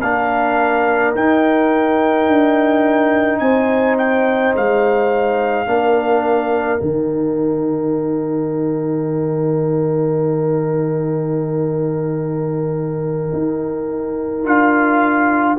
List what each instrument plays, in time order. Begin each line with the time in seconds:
0.00 tuba A#3, trombone D4, horn A#4, trumpet F5
1.15 tuba D#4, trombone D#4, trumpet G5
2.28 tuba D4
3.39 tuba C4, horn C5, trumpet G#5
3.98 trumpet G5
4.56 tuba G#3, trumpet F5
5.66 tuba A#3, trombone D4, horn A#4
6.79 tuba D#3, trombone D#4, trumpet G5
13.33 tuba D#4
14.44 tuba D4, trombone F4, trumpet F5